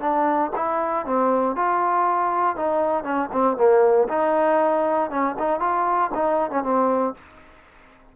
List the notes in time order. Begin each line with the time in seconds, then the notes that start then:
0.00 D4
0.56 E4
1.05 C4
1.56 F4
2.56 D#4
3.04 C#4
3.32 C4
3.57 A#3
4.08 D#4
5.10 C#4
5.39 D#4
5.60 F4
6.14 D#4
6.51 C#4
6.63 C4